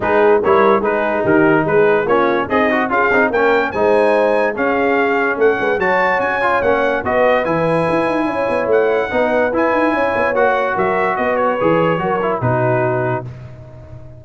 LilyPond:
<<
  \new Staff \with { instrumentName = "trumpet" } { \time 4/4 \tempo 4 = 145 b'4 cis''4 b'4 ais'4 | b'4 cis''4 dis''4 f''4 | g''4 gis''2 f''4~ | f''4 fis''4 a''4 gis''4 |
fis''4 dis''4 gis''2~ | gis''4 fis''2 gis''4~ | gis''4 fis''4 e''4 dis''8 cis''8~ | cis''2 b'2 | }
  \new Staff \with { instrumentName = "horn" } { \time 4/4 gis'4 ais'4 gis'4 g'4 | gis'4 f'4 dis'4 gis'4 | ais'4 c''2 gis'4~ | gis'4 a'8 b'8 cis''2~ |
cis''4 b'2. | cis''2 b'2 | cis''2 ais'4 b'4~ | b'4 ais'4 fis'2 | }
  \new Staff \with { instrumentName = "trombone" } { \time 4/4 dis'4 e'4 dis'2~ | dis'4 cis'4 gis'8 fis'8 f'8 dis'8 | cis'4 dis'2 cis'4~ | cis'2 fis'4. f'8 |
cis'4 fis'4 e'2~ | e'2 dis'4 e'4~ | e'4 fis'2. | gis'4 fis'8 e'8 dis'2 | }
  \new Staff \with { instrumentName = "tuba" } { \time 4/4 gis4 g4 gis4 dis4 | gis4 ais4 c'4 cis'8 c'8 | ais4 gis2 cis'4~ | cis'4 a8 gis8 fis4 cis'4 |
ais4 b4 e4 e'8 dis'8 | cis'8 b8 a4 b4 e'8 dis'8 | cis'8 b8 ais4 fis4 b4 | e4 fis4 b,2 | }
>>